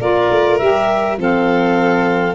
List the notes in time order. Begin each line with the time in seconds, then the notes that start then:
0.00 A#3 F4 A#4 D5
0.31 A3
0.58 G3 G4 E5
1.18 F3 C4 A4 F5